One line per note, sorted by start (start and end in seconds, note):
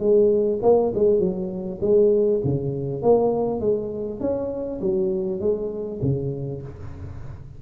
0.00 0.60 G#3
0.63 0.93 A#3
0.95 1.20 G#3
1.20 1.80 F#3
1.81 2.41 G#3
2.45 3.02 C#3
3.02 3.61 A#3
3.61 4.21 G#3
4.21 4.81 C#4
4.81 5.41 F#3
5.41 6.01 G#3
6.02 6.62 C#3